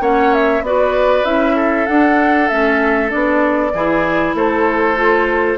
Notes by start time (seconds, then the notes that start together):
0.00 A#3 C#4 C#5 F#5
0.33 E5
0.61 B3 F#4 B4 D5
1.24 C#4 E4 E5
1.55 A4
1.86 D4 F#5
2.48 A3 C#4 E5
3.09 B3 D4 D5
3.74 E3 E4 G#4
4.34 A3 A4 C5
4.96 F4